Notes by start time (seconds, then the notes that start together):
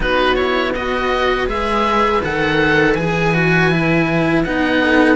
0.00 B3 D#4 F#4 B4
0.35 E4 C#5
0.74 F#4 B4 D#5
1.47 G#3 G#4 E5
2.22 D#3 A4 F#5
2.94 E3 G#4 G#5
3.34 F#4
3.71 E4
4.44 B3 D#4 F#5
4.81 A4